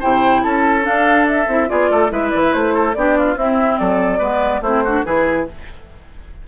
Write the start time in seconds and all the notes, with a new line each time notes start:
0.00 C3 E4 C5 G5
0.43 C#4 A4 A5
0.82 D4 F5
1.28 E5
1.48 C4 E4
1.68 B3 F4 G#4 D5
1.91 A3 A4
2.10 G#3 E4 B4 E5
2.30 E3 D5
2.44 E5
2.53 A3 C5
2.74 A4
2.94 B3 D4 G4 D5
3.18 F4
3.36 C4 E4 E5
3.79 F#3 A4 D5
4.19 G#3 B3 B4
4.61 A3 C4 E4 C5
4.85 D4 F#4
5.05 E3 E4 G#4 B4